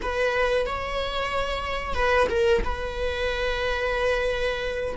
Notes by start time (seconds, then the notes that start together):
0.02 B4
0.66 C#5
1.94 B4
2.29 A#4
2.64 B4